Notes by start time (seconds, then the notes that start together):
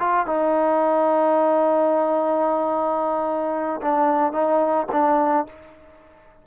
0.00 F4
0.27 D#4
3.82 D4
4.33 D#4
4.92 D4